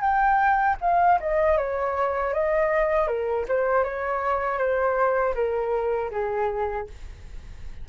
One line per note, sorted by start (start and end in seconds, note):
0.00 0.76 G5
0.80 1.18 F5
1.20 1.57 D#5
1.57 2.33 C#5
2.33 3.07 D#5
3.07 3.45 A#4
3.48 3.84 C5
3.84 4.58 C#5
4.58 5.34 C5
5.34 6.10 A#4
6.11 6.87 G#4